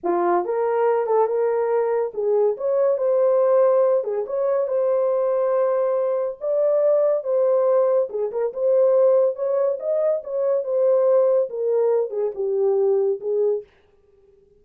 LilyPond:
\new Staff \with { instrumentName = "horn" } { \time 4/4 \tempo 4 = 141 f'4 ais'4. a'8 ais'4~ | ais'4 gis'4 cis''4 c''4~ | c''4. gis'8 cis''4 c''4~ | c''2. d''4~ |
d''4 c''2 gis'8 ais'8 | c''2 cis''4 dis''4 | cis''4 c''2 ais'4~ | ais'8 gis'8 g'2 gis'4 | }